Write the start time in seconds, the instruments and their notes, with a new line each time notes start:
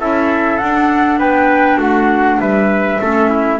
0.00 double bass C#4, clarinet E4, trumpet A4, flute E5
0.58 double bass D4, clarinet D4, flute F#5
1.19 double bass B3, trumpet B4, flute G5
1.78 double bass A3, trumpet F#4, flute F#5
2.40 double bass G3, trumpet B4, flute E5
2.99 double bass A3, clarinet C#4, trumpet A4
3.29 trumpet E4